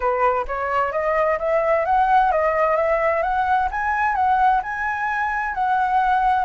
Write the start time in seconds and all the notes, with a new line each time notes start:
0.00 B4
0.47 C#5
0.92 D#5
1.38 E5
1.85 F#5
2.31 D#5
2.76 E5
3.22 F#5
3.71 G#5
4.15 F#5
4.63 G#5
5.54 F#5